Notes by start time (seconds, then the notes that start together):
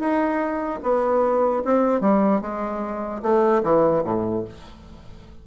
0.00 D#4
0.83 B3
1.65 C4
2.02 G3
2.42 G#3
3.23 A3
3.64 E3
4.05 A2